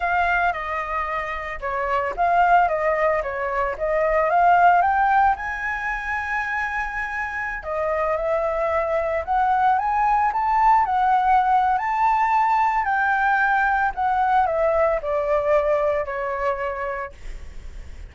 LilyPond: \new Staff \with { instrumentName = "flute" } { \time 4/4 \tempo 4 = 112 f''4 dis''2 cis''4 | f''4 dis''4 cis''4 dis''4 | f''4 g''4 gis''2~ | gis''2~ gis''16 dis''4 e''8.~ |
e''4~ e''16 fis''4 gis''4 a''8.~ | a''16 fis''4.~ fis''16 a''2 | g''2 fis''4 e''4 | d''2 cis''2 | }